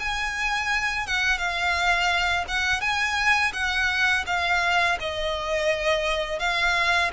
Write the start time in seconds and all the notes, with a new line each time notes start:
0.00 G#5
1.07 F#5
1.38 F5
2.48 F#5
2.81 G#5
3.54 F#5
4.27 F5
5.00 D#5
6.40 F5